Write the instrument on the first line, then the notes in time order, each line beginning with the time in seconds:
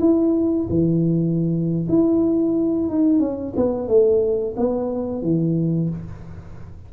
tuba
0.00 E4
0.70 E3
1.89 E4
2.89 D#4
3.20 C#4
3.56 B3
3.88 A3
4.57 B3
5.22 E3